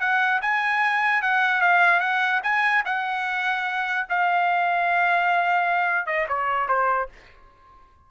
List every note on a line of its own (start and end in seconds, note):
0.00 0.41 F#5
0.41 1.22 G#5
1.22 1.61 F#5
1.61 2.00 F5
2.00 2.40 F#5
2.43 2.83 G#5
2.85 4.07 F#5
4.09 6.06 F5
6.06 6.27 D#5
6.28 6.68 C#5
6.68 7.09 C5